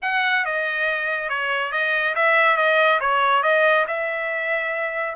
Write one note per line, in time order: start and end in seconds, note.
0.02 0.45 F#5
0.45 1.29 D#5
1.29 1.72 C#5
1.72 2.14 D#5
2.15 2.56 E5
2.56 2.99 D#5
3.00 3.42 C#5
3.42 3.85 D#5
3.87 5.15 E5